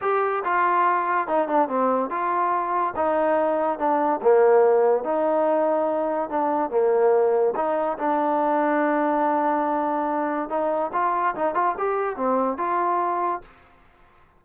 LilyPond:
\new Staff \with { instrumentName = "trombone" } { \time 4/4 \tempo 4 = 143 g'4 f'2 dis'8 d'8 | c'4 f'2 dis'4~ | dis'4 d'4 ais2 | dis'2. d'4 |
ais2 dis'4 d'4~ | d'1~ | d'4 dis'4 f'4 dis'8 f'8 | g'4 c'4 f'2 | }